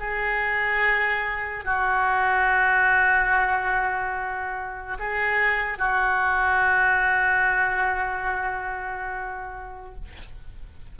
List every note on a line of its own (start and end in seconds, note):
0.00 1.65 G#4
1.65 4.98 F#4
4.99 5.79 G#4
5.79 9.95 F#4